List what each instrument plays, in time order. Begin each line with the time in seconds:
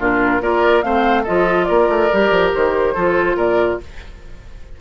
0.00 bassoon A#2, clarinet D4, oboe F4, flute A#4
0.41 bassoon A#3, clarinet F4, oboe A#4, flute D5
0.82 bassoon A3, clarinet C4, oboe C5, flute F5
1.24 bassoon F3, clarinet F4, oboe A4, flute D#5
1.65 bassoon A#3, oboe A#4, flute D5
1.89 bassoon A3
2.12 bassoon G3, clarinet G4
2.31 bassoon F3
2.55 bassoon D#3, flute C5
2.94 bassoon F3, clarinet F4, oboe A4
3.36 bassoon A#2, oboe A#4, flute D5